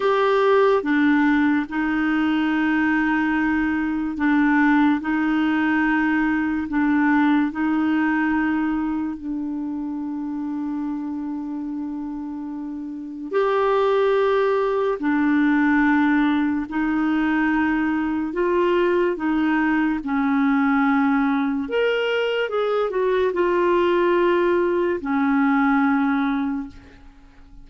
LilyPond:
\new Staff \with { instrumentName = "clarinet" } { \time 4/4 \tempo 4 = 72 g'4 d'4 dis'2~ | dis'4 d'4 dis'2 | d'4 dis'2 d'4~ | d'1 |
g'2 d'2 | dis'2 f'4 dis'4 | cis'2 ais'4 gis'8 fis'8 | f'2 cis'2 | }